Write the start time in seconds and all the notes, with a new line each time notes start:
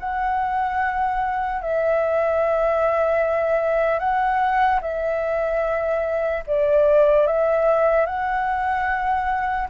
0.00 F#5
1.62 E5
4.00 F#5
4.82 E5
6.47 D5
7.27 E5
8.06 F#5